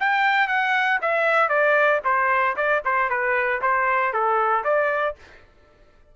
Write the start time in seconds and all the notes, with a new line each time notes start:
0.00 G5
0.47 F#5
1.01 E5
1.48 D5
2.04 C5
2.56 D5
2.84 C5
3.09 B4
3.62 C5
4.13 A4
4.64 D5